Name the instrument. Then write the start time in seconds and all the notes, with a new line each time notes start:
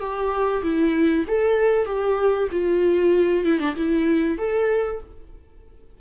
viola
0.00 G4
0.63 E4
1.28 A4
1.86 G4
2.52 F4
3.45 E4
3.60 D4
3.76 E4
4.38 A4